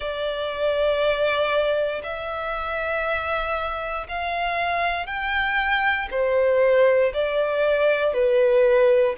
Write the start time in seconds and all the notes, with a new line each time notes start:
0.00 D5
2.03 E5
4.08 F5
5.06 G5
6.11 C5
7.13 D5
8.13 B4